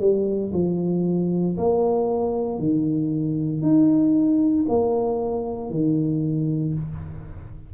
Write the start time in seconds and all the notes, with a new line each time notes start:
0.00 G3
0.53 F3
1.57 A#3
2.59 D#3
3.62 D#4
4.68 A#3
5.70 D#3